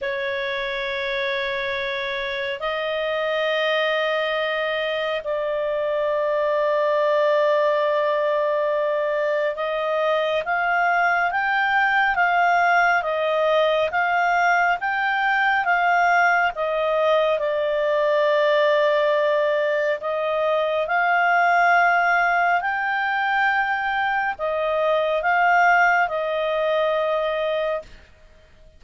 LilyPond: \new Staff \with { instrumentName = "clarinet" } { \time 4/4 \tempo 4 = 69 cis''2. dis''4~ | dis''2 d''2~ | d''2. dis''4 | f''4 g''4 f''4 dis''4 |
f''4 g''4 f''4 dis''4 | d''2. dis''4 | f''2 g''2 | dis''4 f''4 dis''2 | }